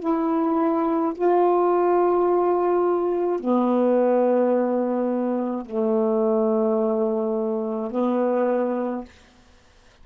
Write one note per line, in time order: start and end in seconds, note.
0.00 1.13 E4
1.15 3.40 F4
3.40 5.66 B3
5.66 7.91 A3
7.91 9.04 B3